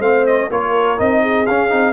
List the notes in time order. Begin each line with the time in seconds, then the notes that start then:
0.00 A3 C4 C5 F5
0.27 D#5
0.49 A#3 F4 A#4 C#5
0.98 C4 D#4 D#5
1.22 G#4
1.47 C#4 F5
1.70 C4 D#4